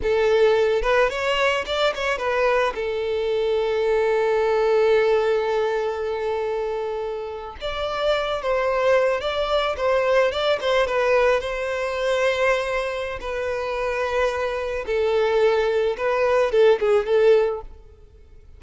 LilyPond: \new Staff \with { instrumentName = "violin" } { \time 4/4 \tempo 4 = 109 a'4. b'8 cis''4 d''8 cis''8 | b'4 a'2.~ | a'1~ | a'4.~ a'16 d''4. c''8.~ |
c''8. d''4 c''4 d''8 c''8 b'16~ | b'8. c''2.~ c''16 | b'2. a'4~ | a'4 b'4 a'8 gis'8 a'4 | }